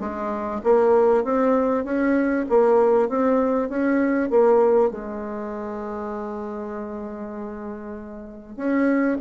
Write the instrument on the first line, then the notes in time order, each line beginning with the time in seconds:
bassoon
0.00 G#3
0.63 A#3
1.24 C4
1.85 C#4
2.49 A#3
3.09 C4
3.69 C#4
4.30 A#3
4.91 G#3
8.56 C#4